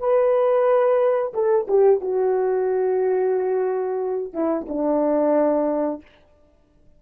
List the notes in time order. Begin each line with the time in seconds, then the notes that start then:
0.00 B4
1.34 A4
1.68 G4
2.01 F#4
4.33 E4
4.69 D4